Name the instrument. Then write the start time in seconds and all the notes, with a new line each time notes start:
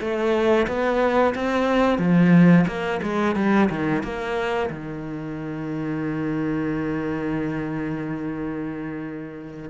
cello
0.00 A3
0.67 B3
1.35 C4
1.98 F3
2.67 A#3
3.02 G#3
3.35 G3
3.70 D#3
4.03 A#3
4.70 D#3